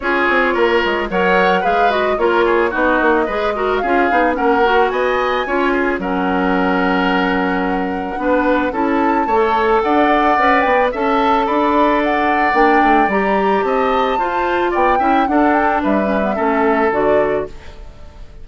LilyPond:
<<
  \new Staff \with { instrumentName = "flute" } { \time 4/4 \tempo 4 = 110 cis''2 fis''4 f''8 dis''8 | cis''4 dis''2 f''4 | fis''4 gis''2 fis''4~ | fis''1 |
a''2 fis''4. g''8 | a''4 b''4 fis''4 g''4 | ais''4 a''2 g''4 | fis''8 g''8 e''2 d''4 | }
  \new Staff \with { instrumentName = "oboe" } { \time 4/4 gis'4 ais'4 cis''4 b'4 | ais'8 gis'8 fis'4 b'8 ais'8 gis'4 | ais'4 dis''4 cis''8 gis'8 ais'4~ | ais'2. b'4 |
a'4 cis''4 d''2 | e''4 d''2.~ | d''4 dis''4 c''4 d''8 e''8 | a'4 b'4 a'2 | }
  \new Staff \with { instrumentName = "clarinet" } { \time 4/4 f'2 ais'4 gis'8 fis'8 | f'4 dis'4 gis'8 fis'8 f'8 dis'8 | cis'8 fis'4. f'4 cis'4~ | cis'2. d'4 |
e'4 a'2 b'4 | a'2. d'4 | g'2 f'4. e'8 | d'4. cis'16 b16 cis'4 fis'4 | }
  \new Staff \with { instrumentName = "bassoon" } { \time 4/4 cis'8 c'8 ais8 gis8 fis4 gis4 | ais4 b8 ais8 gis4 cis'8 b8 | ais4 b4 cis'4 fis4~ | fis2. b4 |
cis'4 a4 d'4 cis'8 b8 | cis'4 d'2 ais8 a8 | g4 c'4 f'4 b8 cis'8 | d'4 g4 a4 d4 | }
>>